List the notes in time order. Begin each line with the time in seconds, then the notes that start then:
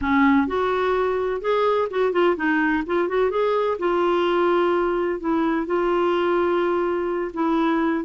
0.01 C#4
0.47 F#4
1.41 G#4
1.90 F#4
2.12 F4
2.36 D#4
2.86 F4
3.08 F#4
3.30 G#4
3.78 F4
5.20 E4
5.66 F4
7.33 E4